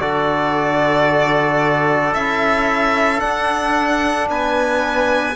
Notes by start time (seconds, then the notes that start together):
0.00 D3 F#4 A4 D5
2.14 C#4 E4 E5
3.19 D4 F#5
4.30 B3 B4 G#5